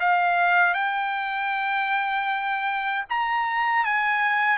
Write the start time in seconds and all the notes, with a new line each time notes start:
0.00 F5
0.74 G5
3.09 A#5
3.85 G#5